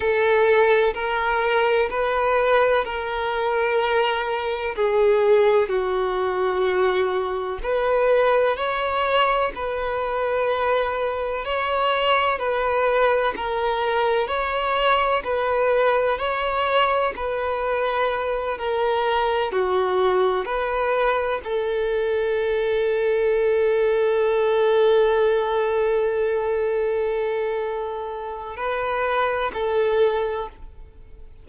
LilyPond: \new Staff \with { instrumentName = "violin" } { \time 4/4 \tempo 4 = 63 a'4 ais'4 b'4 ais'4~ | ais'4 gis'4 fis'2 | b'4 cis''4 b'2 | cis''4 b'4 ais'4 cis''4 |
b'4 cis''4 b'4. ais'8~ | ais'8 fis'4 b'4 a'4.~ | a'1~ | a'2 b'4 a'4 | }